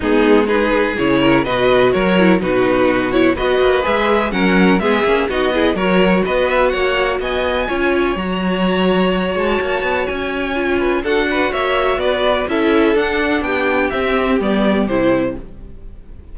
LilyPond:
<<
  \new Staff \with { instrumentName = "violin" } { \time 4/4 \tempo 4 = 125 gis'4 b'4 cis''4 dis''4 | cis''4 b'4. cis''8 dis''4 | e''4 fis''4 e''4 dis''4 | cis''4 dis''8 e''8 fis''4 gis''4~ |
gis''4 ais''2~ ais''8 a''8~ | a''4 gis''2 fis''4 | e''4 d''4 e''4 fis''4 | g''4 e''4 d''4 c''4 | }
  \new Staff \with { instrumentName = "violin" } { \time 4/4 dis'4 gis'4. ais'8 b'4 | ais'4 fis'2 b'4~ | b'4 ais'4 gis'4 fis'8 gis'8 | ais'4 b'4 cis''4 dis''4 |
cis''1~ | cis''2~ cis''8 b'8 a'8 b'8 | cis''4 b'4 a'2 | g'1 | }
  \new Staff \with { instrumentName = "viola" } { \time 4/4 b4 dis'4 e'4 fis'4~ | fis'8 e'8 dis'4. e'8 fis'4 | gis'4 cis'4 b8 cis'8 dis'8 e'8 | fis'1 |
f'4 fis'2.~ | fis'2 f'4 fis'4~ | fis'2 e'4 d'4~ | d'4 c'4 b4 e'4 | }
  \new Staff \with { instrumentName = "cello" } { \time 4/4 gis2 cis4 b,4 | fis4 b,2 b8 ais8 | gis4 fis4 gis8 ais8 b4 | fis4 b4 ais4 b4 |
cis'4 fis2~ fis8 gis8 | ais8 b8 cis'2 d'4 | ais4 b4 cis'4 d'4 | b4 c'4 g4 c4 | }
>>